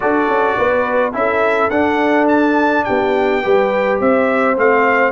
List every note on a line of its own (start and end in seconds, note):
0.00 0.28 D4
0.00 1.12 F#4
0.00 0.57 A4
0.00 1.13 D5
0.28 0.56 C#4
0.57 1.14 B3
0.57 1.14 B4
1.12 1.69 C#4
1.12 1.70 E4
1.12 2.86 A4
1.12 1.69 E5
1.69 2.84 D4
1.69 3.42 D4
1.69 2.27 F#5
2.28 2.84 A5
2.84 3.45 B3
2.84 3.43 G4
2.84 3.98 G5
3.42 4.00 G3
3.42 4.56 G4
3.42 4.00 B4
4.00 4.57 C4
4.00 5.11 C5
4.00 4.57 E5
4.56 5.11 A3
4.56 5.11 C4
4.56 5.11 F5